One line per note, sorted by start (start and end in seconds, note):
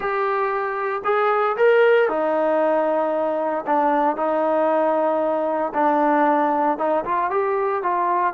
0.00 1.02 G4
1.04 1.56 G#4
1.57 2.08 A#4
2.08 3.65 D#4
3.66 4.16 D4
4.16 5.72 D#4
5.74 6.78 D4
6.78 7.04 D#4
7.04 7.30 F4
7.30 7.82 G4
7.82 8.33 F4